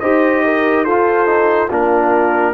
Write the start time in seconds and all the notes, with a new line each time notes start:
0.00 D#4 G4 C5 D#5
0.45 A#4
0.84 F4 A4 C5
1.26 D#4
1.68 A#3 D4 F4 A#4